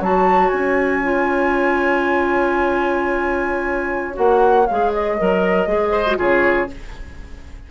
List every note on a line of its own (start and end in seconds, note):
0.00 0.51 F#3
0.00 1.03 F#4
0.00 5.91 C#5
0.00 0.49 A5
0.49 4.18 C#4
0.49 4.15 G#5
1.03 4.14 F4
4.14 4.68 A#3
4.14 4.64 F#4
4.14 4.67 F#5
4.67 5.21 G#3
4.67 5.18 G#4
4.67 4.92 F5
4.93 6.19 D#5
5.18 5.66 F#3
5.18 5.68 A#4
5.66 6.17 G#3
5.66 6.06 G#4
5.91 6.17 C5
6.07 6.17 F#4
6.17 6.70 C#3
6.17 6.67 F4
6.17 6.70 G#4
6.17 6.71 C#5